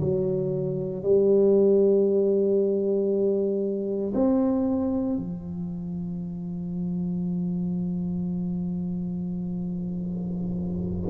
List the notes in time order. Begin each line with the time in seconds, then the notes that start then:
0.00 F#3
1.03 G3
4.14 C4
5.16 F3